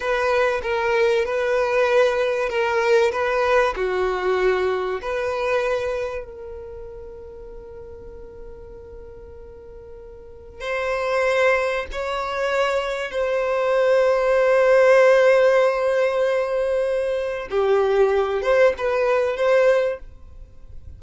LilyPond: \new Staff \with { instrumentName = "violin" } { \time 4/4 \tempo 4 = 96 b'4 ais'4 b'2 | ais'4 b'4 fis'2 | b'2 ais'2~ | ais'1~ |
ais'4 c''2 cis''4~ | cis''4 c''2.~ | c''1 | g'4. c''8 b'4 c''4 | }